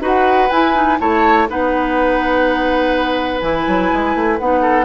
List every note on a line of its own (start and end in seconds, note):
0.00 0.48 D#4
0.00 0.48 F#4
0.00 0.98 B4
0.00 0.50 F#5
0.50 0.74 E4
0.50 1.00 E4
0.50 0.98 G#5
0.74 0.98 D#4
0.99 1.48 A3
0.99 1.47 E4
0.99 1.49 C#5
0.99 1.48 A5
1.49 3.41 B3
1.49 3.41 D#4
1.49 4.61 B4
1.49 3.41 F#5
3.41 3.66 E3
3.41 4.38 E4
3.41 4.37 G#5
3.67 3.91 F#3
3.92 4.15 G#3
4.15 4.39 A3
4.38 4.85 B3
4.38 4.85 D#4
4.38 4.85 F#5
4.61 4.85 A4